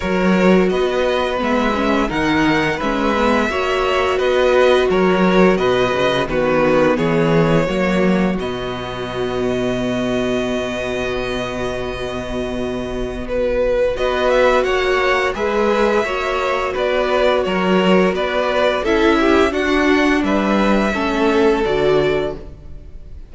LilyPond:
<<
  \new Staff \with { instrumentName = "violin" } { \time 4/4 \tempo 4 = 86 cis''4 dis''4 e''4 fis''4 | e''2 dis''4 cis''4 | dis''4 b'4 cis''2 | dis''1~ |
dis''2. b'4 | dis''8 e''8 fis''4 e''2 | d''4 cis''4 d''4 e''4 | fis''4 e''2 d''4 | }
  \new Staff \with { instrumentName = "violin" } { \time 4/4 ais'4 b'2 ais'4 | b'4 cis''4 b'4 ais'4 | b'4 fis'4 gis'4 fis'4~ | fis'1~ |
fis'1 | b'4 cis''4 b'4 cis''4 | b'4 ais'4 b'4 a'8 g'8 | fis'4 b'4 a'2 | }
  \new Staff \with { instrumentName = "viola" } { \time 4/4 fis'2 b8 cis'8 dis'4 | cis'8 b8 fis'2.~ | fis'4 b2 ais4 | b1~ |
b1 | fis'2 gis'4 fis'4~ | fis'2. e'4 | d'2 cis'4 fis'4 | }
  \new Staff \with { instrumentName = "cello" } { \time 4/4 fis4 b4 gis4 dis4 | gis4 ais4 b4 fis4 | b,8 cis8 dis4 e4 fis4 | b,1~ |
b,1 | b4 ais4 gis4 ais4 | b4 fis4 b4 cis'4 | d'4 g4 a4 d4 | }
>>